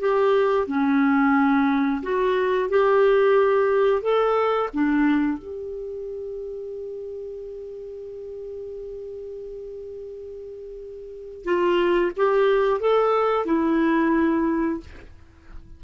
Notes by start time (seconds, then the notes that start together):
0.00 G4
0.67 C#4
2.03 F#4
2.70 G4
4.02 A4
4.74 D4
5.38 G4
11.45 F4
12.17 G4
12.81 A4
13.46 E4